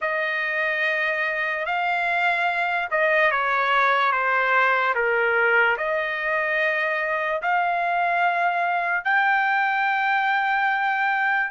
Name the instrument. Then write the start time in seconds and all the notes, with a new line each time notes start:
trumpet
0.01 D#5
1.65 F5
2.91 D#5
3.31 C#5
4.11 C5
4.94 A#4
5.77 D#5
7.42 F5
9.04 G5